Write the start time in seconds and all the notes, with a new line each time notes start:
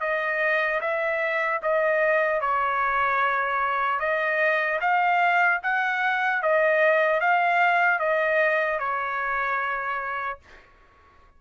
0.00 D#5
0.80 E5
1.62 D#5
2.40 C#5
3.99 D#5
4.80 F5
5.62 F#5
6.42 D#5
7.20 F5
7.99 D#5
8.79 C#5